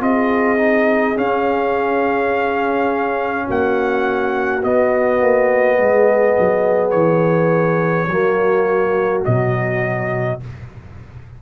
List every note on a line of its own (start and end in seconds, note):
0.00 1.16 C4
0.00 0.57 F4
0.00 3.46 G#4
0.00 1.18 D#5
0.57 1.15 D#4
1.16 4.62 C#4
1.16 3.48 C#4
1.16 3.49 F5
3.46 4.64 A#3
3.46 5.77 F#4
3.46 4.63 F#5
4.63 8.09 B3
4.63 5.21 B3
4.63 6.90 D#5
5.21 5.79 A#3
5.77 6.36 G#3
5.77 8.08 G#4
6.39 6.93 F#3
6.90 8.08 E3
6.90 9.21 C#5
8.08 9.23 F#3
8.08 9.25 A#3
8.08 10.42 F#4
9.25 10.42 B2
9.25 10.41 F#3
9.25 10.40 D#5